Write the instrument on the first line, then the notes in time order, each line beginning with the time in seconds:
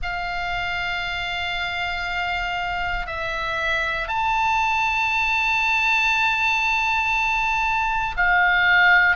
oboe
0.02 F5
3.06 E5
4.08 A5
8.16 F5